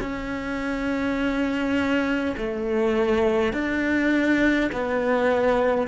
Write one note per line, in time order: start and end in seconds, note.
0.00 2.35 C#4
2.36 3.53 A3
3.53 4.71 D4
4.72 5.87 B3